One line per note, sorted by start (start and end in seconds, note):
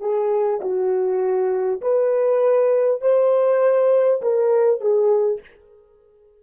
0.00 0.60 G#4
0.61 1.81 F#4
1.81 3.01 B4
3.01 4.21 C5
4.21 4.81 A#4
4.81 5.41 G#4